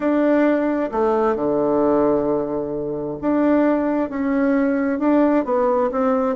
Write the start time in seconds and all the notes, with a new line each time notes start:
0.00 D4
0.91 A3
1.35 D3
3.21 D4
4.09 C#4
4.99 D4
5.44 B3
5.91 C4